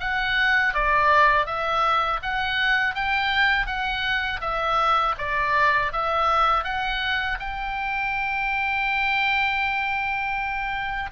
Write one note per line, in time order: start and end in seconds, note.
0.00 0.74 F#5
0.74 1.46 D5
1.46 2.20 E5
2.22 2.95 F#5
2.95 3.66 G5
3.66 4.40 F#5
4.41 5.15 E5
5.18 5.92 D5
5.92 6.64 E5
6.64 7.38 F#5
7.40 11.10 G5